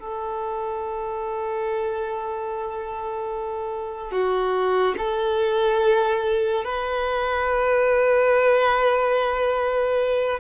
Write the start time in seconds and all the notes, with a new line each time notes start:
0.00 A4
4.11 F#4
4.98 A4
6.65 B4